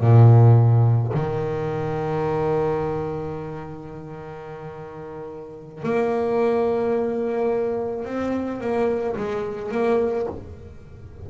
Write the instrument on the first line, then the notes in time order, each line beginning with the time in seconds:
double bass
0.00 A#2
1.14 D#3
5.83 A#3
8.05 C4
8.60 A#3
9.16 G#3
9.71 A#3